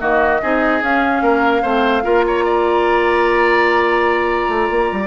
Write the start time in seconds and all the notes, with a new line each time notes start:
0.00 D#3 A#3 F#4 D#5
0.43 C4 D#4 G#4
0.82 C#4 F5
1.22 A#3 A#4
1.63 A3 C4 C5
2.03 A#3 F4 A#4
2.26 C#5 A#5
2.45 D5
4.49 A3
4.71 A#3
4.92 G3